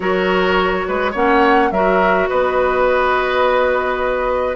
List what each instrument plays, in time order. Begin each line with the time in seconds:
0.00 bassoon F#3, clarinet F#4, oboe A#4, flute C#5
0.87 bassoon G#3, oboe B4
1.11 bassoon A#3, clarinet C#4, oboe C#5, flute F#5
1.71 bassoon F#3, clarinet F#4, oboe A#4, flute E5
2.29 bassoon B3, oboe B4, flute D#5